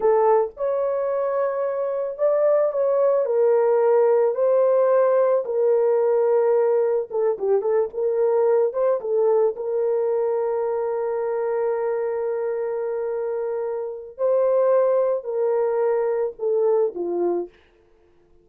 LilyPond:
\new Staff \with { instrumentName = "horn" } { \time 4/4 \tempo 4 = 110 a'4 cis''2. | d''4 cis''4 ais'2 | c''2 ais'2~ | ais'4 a'8 g'8 a'8 ais'4. |
c''8 a'4 ais'2~ ais'8~ | ais'1~ | ais'2 c''2 | ais'2 a'4 f'4 | }